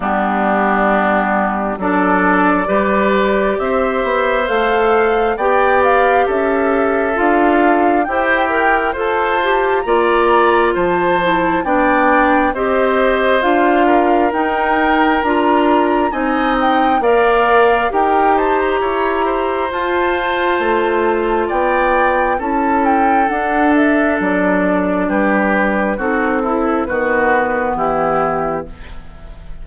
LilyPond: <<
  \new Staff \with { instrumentName = "flute" } { \time 4/4 \tempo 4 = 67 g'2 d''2 | e''4 f''4 g''8 f''8 e''4 | f''4 g''4 a''4 ais''4 | a''4 g''4 dis''4 f''4 |
g''4 ais''4 gis''8 g''8 f''4 | g''8 a''16 ais''4~ ais''16 a''2 | g''4 a''8 g''8 fis''8 e''8 d''4 | b'4 a'4 b'4 g'4 | }
  \new Staff \with { instrumentName = "oboe" } { \time 4/4 d'2 a'4 b'4 | c''2 d''4 a'4~ | a'4 g'4 c''4 d''4 | c''4 d''4 c''4. ais'8~ |
ais'2 dis''4 d''4 | ais'8 c''8 cis''8 c''2~ c''8 | d''4 a'2. | g'4 fis'8 e'8 fis'4 e'4 | }
  \new Staff \with { instrumentName = "clarinet" } { \time 4/4 b2 d'4 g'4~ | g'4 a'4 g'2 | f'4 c''8 ais'8 a'8 g'8 f'4~ | f'8 e'8 d'4 g'4 f'4 |
dis'4 f'4 dis'4 ais'4 | g'2 f'2~ | f'4 e'4 d'2~ | d'4 dis'8 e'8 b2 | }
  \new Staff \with { instrumentName = "bassoon" } { \time 4/4 g2 fis4 g4 | c'8 b8 a4 b4 cis'4 | d'4 e'4 f'4 ais4 | f4 b4 c'4 d'4 |
dis'4 d'4 c'4 ais4 | dis'4 e'4 f'4 a4 | b4 cis'4 d'4 fis4 | g4 c'4 dis4 e4 | }
>>